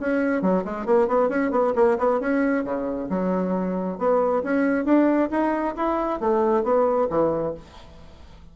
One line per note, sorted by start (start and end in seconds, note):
0.00 0.42 C#4
0.42 0.64 F#3
0.65 0.86 G#3
0.86 1.08 A#3
1.08 1.29 B3
1.29 1.51 C#4
1.51 1.74 B3
1.76 1.98 A#3
1.98 2.20 B3
2.20 2.64 C#4
2.64 3.09 C#3
3.09 3.98 F#3
3.98 4.43 B3
4.43 4.85 C#4
4.85 5.29 D4
5.31 5.75 D#4
5.77 6.20 E4
6.20 6.64 A3
6.64 7.08 B3
7.10 7.54 E3